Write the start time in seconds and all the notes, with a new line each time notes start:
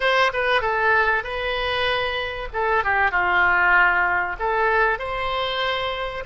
0.00 C5
0.33 B4
0.61 A4
1.23 B4
2.53 A4
2.84 G4
3.11 F4
4.39 A4
4.99 C5